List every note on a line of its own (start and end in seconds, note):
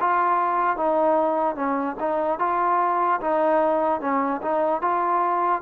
0.00 0.77 F4
0.77 1.56 D#4
1.56 1.96 C#4
2.00 2.39 D#4
2.39 3.20 F4
3.21 4.01 D#4
4.01 4.41 C#4
4.42 4.82 D#4
4.82 5.62 F4